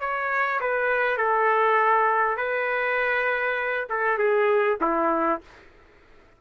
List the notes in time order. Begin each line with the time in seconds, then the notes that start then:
0.00 C#5
0.61 B4
1.18 A4
2.37 B4
3.89 A4
4.18 G#4
4.81 E4